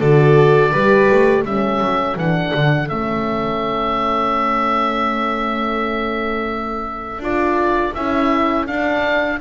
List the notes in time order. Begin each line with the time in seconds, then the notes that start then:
0.00 D3 F#4 A4 D5
0.72 G3 G4 B4
1.12 A3
1.42 G3 C#4 A4 E5
1.81 F#3
2.16 E3 D4 F#5
2.55 D3
2.89 A3 C#4 E5
7.19 D4 F4 D5
7.95 C#4 E4 E5
8.67 D4 F5